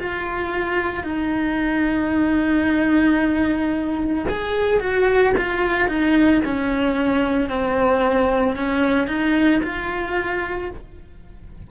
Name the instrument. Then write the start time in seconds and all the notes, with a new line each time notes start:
cello
0.00 F4
1.04 D#4
4.29 G#4
4.81 F#4
5.38 F4
5.89 D#4
6.45 C#4
7.50 C4
8.57 C#4
9.08 D#4
9.63 F4